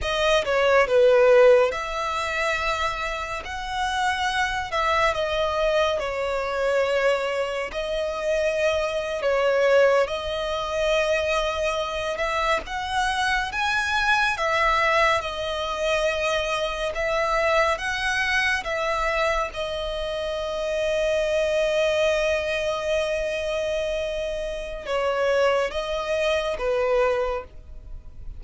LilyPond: \new Staff \with { instrumentName = "violin" } { \time 4/4 \tempo 4 = 70 dis''8 cis''8 b'4 e''2 | fis''4. e''8 dis''4 cis''4~ | cis''4 dis''4.~ dis''16 cis''4 dis''16~ | dis''2~ dis''16 e''8 fis''4 gis''16~ |
gis''8. e''4 dis''2 e''16~ | e''8. fis''4 e''4 dis''4~ dis''16~ | dis''1~ | dis''4 cis''4 dis''4 b'4 | }